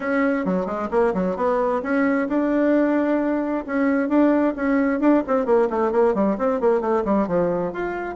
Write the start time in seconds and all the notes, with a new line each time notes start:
0.00 C#4
0.45 F#3
0.65 G#3
0.90 A#3
1.13 F#3
1.36 B3
1.82 C#4
2.28 D4
3.66 C#4
4.08 D4
4.56 C#4
5.00 D4
5.27 C4
5.45 A#3
5.69 A3
5.91 A#3
6.14 G3
6.38 C4
6.60 A#3
6.80 A3
7.05 G3
7.27 F3
7.73 F4